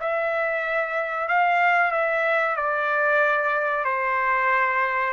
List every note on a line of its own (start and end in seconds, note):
0.00 1.28 E5
1.28 1.92 F5
1.92 2.56 E5
2.56 3.85 D5
3.85 5.13 C5